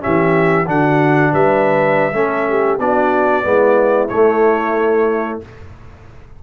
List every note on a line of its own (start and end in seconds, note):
0.00 0.67 E3
0.00 0.65 C#4
0.00 0.68 G4
0.00 0.68 E5
0.66 1.32 D3
0.66 2.13 D4
0.66 1.32 F#4
0.66 1.34 F#5
1.32 2.14 G3
1.32 2.14 B4
1.32 2.80 E5
2.14 2.79 A3
2.14 2.79 C#4
2.14 2.49 A4
2.49 2.80 G4
2.79 3.44 B3
2.79 3.43 D4
2.79 3.45 F#4
2.79 4.08 D5
3.43 4.10 G#3
3.43 4.09 B3
3.43 5.43 E4
4.08 5.41 A3
4.08 5.42 A3
4.08 5.39 C#5